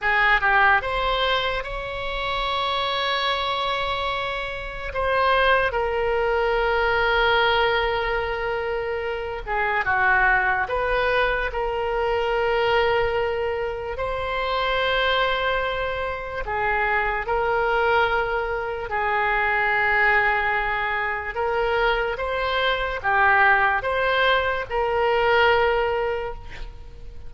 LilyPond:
\new Staff \with { instrumentName = "oboe" } { \time 4/4 \tempo 4 = 73 gis'8 g'8 c''4 cis''2~ | cis''2 c''4 ais'4~ | ais'2.~ ais'8 gis'8 | fis'4 b'4 ais'2~ |
ais'4 c''2. | gis'4 ais'2 gis'4~ | gis'2 ais'4 c''4 | g'4 c''4 ais'2 | }